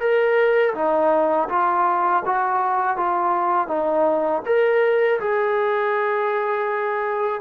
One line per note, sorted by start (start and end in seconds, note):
0.00 0.74 A#4
0.74 1.48 D#4
1.49 2.23 F4
2.25 2.97 F#4
2.97 3.68 F4
3.68 4.42 D#4
4.45 5.20 A#4
5.20 7.41 G#4